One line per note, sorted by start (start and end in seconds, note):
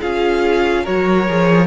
0.00 0.87 C#4
0.00 0.85 F4
0.00 0.83 G#4
0.00 0.86 F5
0.83 1.29 F#3
0.83 1.27 F#4
0.83 1.67 A#4
0.83 1.67 C#5
1.28 1.67 F3
1.28 1.67 G#4